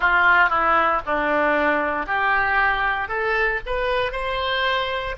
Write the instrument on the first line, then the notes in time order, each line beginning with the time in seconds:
oboe
0.00 F4
0.49 E4
1.06 D4
2.06 G4
3.08 A4
3.66 B4
4.11 C5